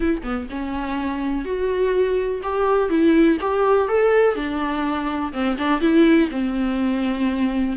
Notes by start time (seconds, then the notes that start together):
0.00 E4
0.23 B3
0.50 C#4
1.45 F#4
2.42 G4
2.89 E4
3.40 G4
3.88 A4
4.35 D4
5.32 C4
5.58 D4
5.80 E4
6.30 C4